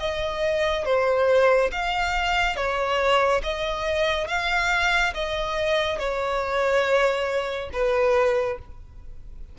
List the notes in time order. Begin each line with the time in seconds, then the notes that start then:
0.00 D#5
0.85 C5
1.72 F5
2.56 C#5
3.44 D#5
4.28 F5
5.14 D#5
5.99 C#5
7.73 B4